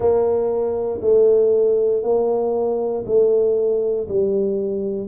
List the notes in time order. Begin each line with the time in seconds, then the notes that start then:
0.00 A#3
1.01 A3
2.02 A#3
3.06 A3
4.08 G3